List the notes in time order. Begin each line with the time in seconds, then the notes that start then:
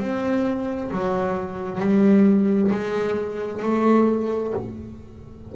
0.00 C4
0.91 F#3
1.80 G3
2.71 G#3
3.62 A3